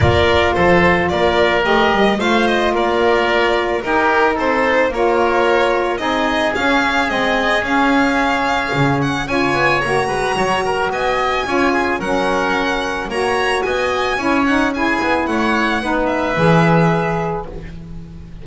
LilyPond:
<<
  \new Staff \with { instrumentName = "violin" } { \time 4/4 \tempo 4 = 110 d''4 c''4 d''4 dis''4 | f''8 dis''8 d''2 ais'4 | c''4 cis''2 dis''4 | f''4 dis''4 f''2~ |
f''8 fis''8 gis''4 ais''2 | gis''2 fis''2 | ais''4 gis''4. fis''8 gis''4 | fis''4. e''2~ e''8 | }
  \new Staff \with { instrumentName = "oboe" } { \time 4/4 ais'4 a'4 ais'2 | c''4 ais'2 g'4 | a'4 ais'2 gis'4~ | gis'1~ |
gis'4 cis''4. b'8 cis''8 ais'8 | dis''4 cis''8 gis'8 ais'2 | cis''4 dis''4 cis''4 gis'4 | cis''4 b'2. | }
  \new Staff \with { instrumentName = "saxophone" } { \time 4/4 f'2. g'4 | f'2. dis'4~ | dis'4 f'2 dis'4 | cis'4 c'4 cis'2~ |
cis'4 f'4 fis'2~ | fis'4 f'4 cis'2 | fis'2 e'8 dis'8 e'4~ | e'4 dis'4 gis'2 | }
  \new Staff \with { instrumentName = "double bass" } { \time 4/4 ais4 f4 ais4 a8 g8 | a4 ais2 dis'4 | c'4 ais2 c'4 | cis'4 gis4 cis'2 |
cis4 cis'8 b8 ais8 gis8 fis4 | b4 cis'4 fis2 | ais4 b4 cis'4. b8 | a4 b4 e2 | }
>>